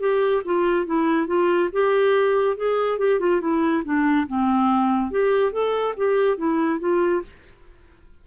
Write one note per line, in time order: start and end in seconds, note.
0.00 0.43 G4
0.45 0.86 F4
0.86 1.27 E4
1.27 1.70 F4
1.72 2.57 G4
2.57 2.98 G#4
2.98 3.20 G4
3.20 3.41 F4
3.41 3.83 E4
3.85 4.27 D4
4.27 5.11 C4
5.11 5.52 G4
5.52 5.95 A4
5.97 6.38 G4
6.38 6.80 E4
6.80 7.22 F4